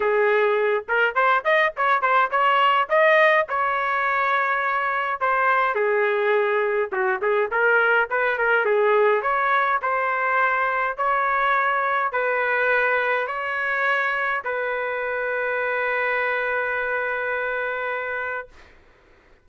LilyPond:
\new Staff \with { instrumentName = "trumpet" } { \time 4/4 \tempo 4 = 104 gis'4. ais'8 c''8 dis''8 cis''8 c''8 | cis''4 dis''4 cis''2~ | cis''4 c''4 gis'2 | fis'8 gis'8 ais'4 b'8 ais'8 gis'4 |
cis''4 c''2 cis''4~ | cis''4 b'2 cis''4~ | cis''4 b'2.~ | b'1 | }